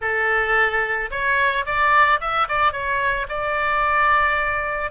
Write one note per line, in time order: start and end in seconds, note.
0.01 1.10 A4
1.11 1.65 C#5
1.65 2.20 D5
2.20 2.47 E5
2.48 2.72 D5
2.72 3.27 C#5
3.29 4.91 D5